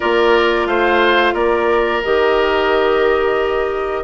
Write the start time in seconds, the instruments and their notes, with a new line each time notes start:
0.00 bassoon A#3, clarinet F4, oboe A#4, flute D5
0.65 bassoon A3, oboe C5, flute F5
1.33 bassoon A#3, oboe A#4, flute D5
2.03 bassoon D#3, clarinet G4, flute D#5